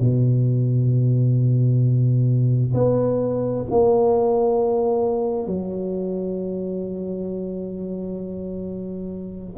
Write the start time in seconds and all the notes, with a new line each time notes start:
0.00 B2
2.74 B3
3.70 A#3
5.47 F#3